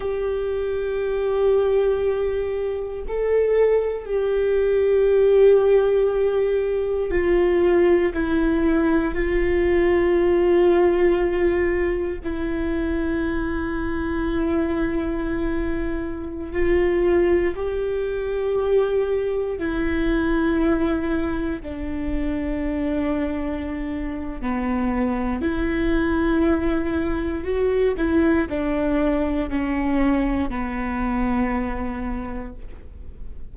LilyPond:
\new Staff \with { instrumentName = "viola" } { \time 4/4 \tempo 4 = 59 g'2. a'4 | g'2. f'4 | e'4 f'2. | e'1~ |
e'16 f'4 g'2 e'8.~ | e'4~ e'16 d'2~ d'8. | b4 e'2 fis'8 e'8 | d'4 cis'4 b2 | }